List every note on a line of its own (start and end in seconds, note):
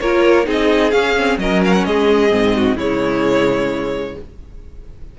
0.00 0.47 A#3
0.00 0.44 F4
0.00 0.47 A#4
0.00 0.47 C#5
0.44 0.93 C4
0.44 0.90 D#4
0.44 1.40 G#4
0.50 0.91 D#5
0.91 1.16 C#4
0.91 1.37 C#4
0.91 1.37 F5
1.17 1.40 C4
1.37 1.84 F#3
1.37 2.29 C#4
1.37 1.87 A#4
1.37 1.62 D#5
1.65 1.73 F5
1.73 1.84 F#5
1.84 2.32 G#3
1.84 2.56 G#4
1.84 2.77 D#5
2.29 2.75 G#2
2.29 2.76 C4
2.56 2.76 F#4
2.75 4.15 C#3
2.75 4.19 G#3
2.75 4.15 E4
2.75 4.18 C#5